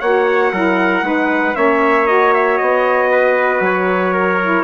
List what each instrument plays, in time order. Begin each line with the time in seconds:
0.00 bassoon A#3, saxophone F#4, trumpet C#5 F#5
0.52 bassoon F#3, saxophone E4, trumpet A#4
1.02 bassoon G#3, saxophone D#4, trumpet B4
1.55 bassoon A#3, saxophone C#4, trumpet C#5 E5
2.06 saxophone F#4, trumpet D#5
2.34 trumpet E5
2.58 bassoon B3, trumpet D#5
3.11 trumpet B4
3.61 bassoon F#3, trumpet C#5
4.13 trumpet A#4
4.42 saxophone E4